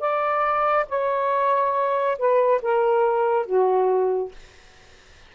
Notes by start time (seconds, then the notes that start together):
0.00 D5
0.89 C#5
2.19 B4
2.62 A#4
3.46 F#4